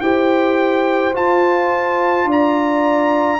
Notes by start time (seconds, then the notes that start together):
0.00 E4 G4 C5 G5
1.13 F4 A5
2.24 D4 D5
2.31 A#5